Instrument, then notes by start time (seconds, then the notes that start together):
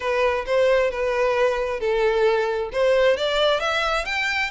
violin
0.00 B4
0.46 C5
0.90 B4
1.79 A4
2.72 C5
3.16 D5
3.60 E5
4.05 G5